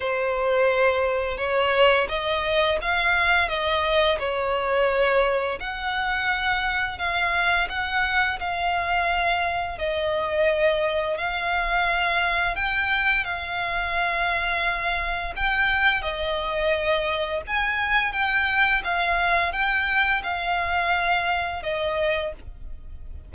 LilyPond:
\new Staff \with { instrumentName = "violin" } { \time 4/4 \tempo 4 = 86 c''2 cis''4 dis''4 | f''4 dis''4 cis''2 | fis''2 f''4 fis''4 | f''2 dis''2 |
f''2 g''4 f''4~ | f''2 g''4 dis''4~ | dis''4 gis''4 g''4 f''4 | g''4 f''2 dis''4 | }